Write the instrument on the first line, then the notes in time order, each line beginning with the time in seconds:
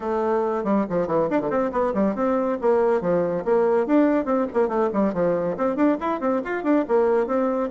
bassoon
0.00 A3
0.64 G3
0.89 F3
1.07 E3
1.30 D4
1.40 D3
1.49 C4
1.71 B3
1.94 G3
2.15 C4
2.61 A#3
3.01 F3
3.44 A#3
3.86 D4
4.25 C4
4.53 A#3
4.68 A3
4.93 G3
5.13 F3
5.57 C4
5.75 D4
6.00 E4
6.20 C4
6.44 F4
6.63 D4
6.87 A#3
7.26 C4